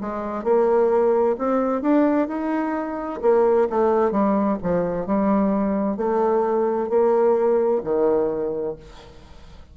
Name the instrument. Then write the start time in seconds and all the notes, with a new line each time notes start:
bassoon
0.00 G#3
0.44 A#3
1.38 C4
1.81 D4
2.27 D#4
3.21 A#3
3.70 A3
4.11 G3
4.62 F3
5.06 G3
5.97 A3
6.89 A#3
7.83 D#3